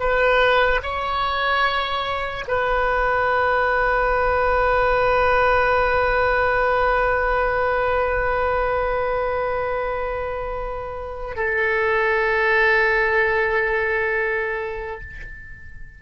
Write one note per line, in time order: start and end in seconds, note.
0.00 0.81 B4
0.83 2.45 C#5
2.48 11.37 B4
11.37 15.01 A4